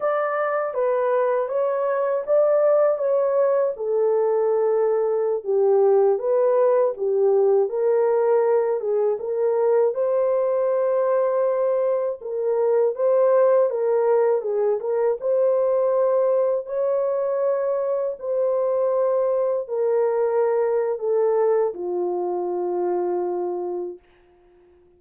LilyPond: \new Staff \with { instrumentName = "horn" } { \time 4/4 \tempo 4 = 80 d''4 b'4 cis''4 d''4 | cis''4 a'2~ a'16 g'8.~ | g'16 b'4 g'4 ais'4. gis'16~ | gis'16 ais'4 c''2~ c''8.~ |
c''16 ais'4 c''4 ais'4 gis'8 ais'16~ | ais'16 c''2 cis''4.~ cis''16~ | cis''16 c''2 ais'4.~ ais'16 | a'4 f'2. | }